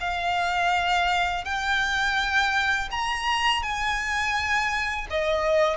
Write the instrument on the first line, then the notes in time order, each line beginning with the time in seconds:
violin
0.00 F5
1.44 G5
2.91 A#5
3.62 G#5
5.10 D#5